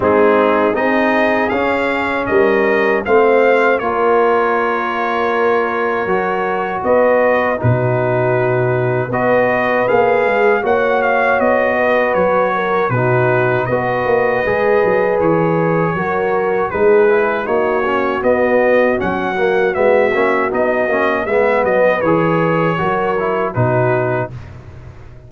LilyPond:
<<
  \new Staff \with { instrumentName = "trumpet" } { \time 4/4 \tempo 4 = 79 gis'4 dis''4 f''4 dis''4 | f''4 cis''2.~ | cis''4 dis''4 b'2 | dis''4 f''4 fis''8 f''8 dis''4 |
cis''4 b'4 dis''2 | cis''2 b'4 cis''4 | dis''4 fis''4 e''4 dis''4 | e''8 dis''8 cis''2 b'4 | }
  \new Staff \with { instrumentName = "horn" } { \time 4/4 dis'4 gis'2 ais'4 | c''4 ais'2.~ | ais'4 b'4 fis'2 | b'2 cis''4. b'8~ |
b'8 ais'8 fis'4 b'2~ | b'4 ais'4 gis'4 fis'4~ | fis'1 | b'2 ais'4 fis'4 | }
  \new Staff \with { instrumentName = "trombone" } { \time 4/4 c'4 dis'4 cis'2 | c'4 f'2. | fis'2 dis'2 | fis'4 gis'4 fis'2~ |
fis'4 dis'4 fis'4 gis'4~ | gis'4 fis'4 dis'8 e'8 dis'8 cis'8 | b4 cis'8 ais8 b8 cis'8 dis'8 cis'8 | b4 gis'4 fis'8 e'8 dis'4 | }
  \new Staff \with { instrumentName = "tuba" } { \time 4/4 gis4 c'4 cis'4 g4 | a4 ais2. | fis4 b4 b,2 | b4 ais8 gis8 ais4 b4 |
fis4 b,4 b8 ais8 gis8 fis8 | e4 fis4 gis4 ais4 | b4 fis4 gis8 ais8 b8 ais8 | gis8 fis8 e4 fis4 b,4 | }
>>